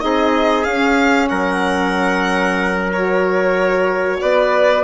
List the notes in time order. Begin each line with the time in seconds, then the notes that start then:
0.00 C4 D#4 G#4 D#5
0.64 C#4 F5
1.29 F#3 A#4 F#5
2.92 F#4 C#5
4.20 B3 B4 D5